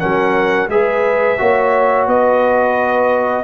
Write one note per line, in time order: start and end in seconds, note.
0.00 0.68 F#3
0.00 0.69 C#4
0.00 0.69 A#4
0.00 0.69 F#5
0.68 1.37 G#3
0.68 1.38 G#4
0.68 1.40 B4
0.68 2.08 E5
1.38 2.07 A#3
1.38 3.44 F#4
1.38 2.08 C#5
2.07 3.44 B3
2.07 3.44 B4
2.07 3.44 D#5